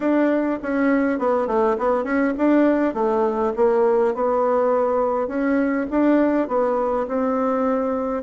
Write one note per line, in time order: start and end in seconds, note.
0.00 0.59 D4
0.62 1.18 C#4
1.18 1.47 B3
1.47 1.76 A3
1.78 2.03 B3
2.03 2.33 C#4
2.37 2.94 D4
2.94 3.52 A3
3.56 4.14 A#3
4.14 5.27 B3
5.27 5.86 C#4
5.90 6.48 D4
6.48 7.06 B3
7.07 8.22 C4